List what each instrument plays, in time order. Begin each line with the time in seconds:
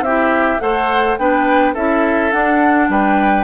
0.00 bassoon C4, clarinet E4, oboe G4, flute E5
0.59 bassoon A3, clarinet A4, oboe C5, flute F#5
1.17 bassoon B3, clarinet D4, oboe B4, flute G5
1.73 bassoon C#4, clarinet E4, oboe A4, flute E5
2.31 clarinet D4, bassoon D4, flute F#5
2.89 bassoon G3, oboe B4, flute G5